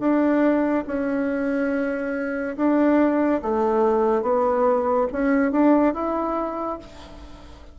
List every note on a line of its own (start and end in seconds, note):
0.00 0.85 D4
0.88 2.57 C#4
2.57 3.41 D4
3.43 4.23 A3
4.23 5.07 B3
5.13 5.52 C#4
5.52 5.94 D4
5.94 6.79 E4